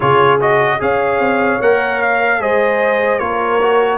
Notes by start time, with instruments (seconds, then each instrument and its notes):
0.00 tuba C#3, trombone F4, horn G#4, trumpet C#5
0.40 trombone F#4, trumpet D#5
0.79 tuba C#4, trombone G#4, horn C#5, trumpet F5
1.19 tuba C4
1.61 tuba A#3, trombone A#4, trumpet F#5
2.01 trumpet F5
2.39 tuba G#3, trombone G#4, horn C5, trumpet D#5
3.19 tuba A#3, trombone F4, horn A#4, trumpet C#5
3.61 trombone F#4